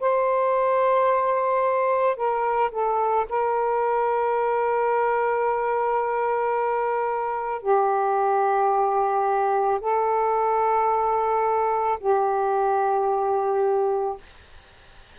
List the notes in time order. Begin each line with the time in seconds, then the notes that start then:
0.00 C5
2.16 A#4
2.71 A4
3.29 A#4
7.62 G4
9.81 A4
12.00 G4